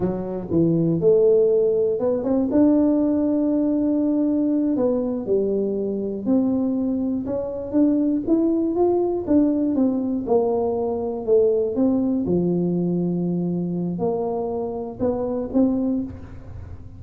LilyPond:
\new Staff \with { instrumentName = "tuba" } { \time 4/4 \tempo 4 = 120 fis4 e4 a2 | b8 c'8 d'2.~ | d'4. b4 g4.~ | g8 c'2 cis'4 d'8~ |
d'8 e'4 f'4 d'4 c'8~ | c'8 ais2 a4 c'8~ | c'8 f2.~ f8 | ais2 b4 c'4 | }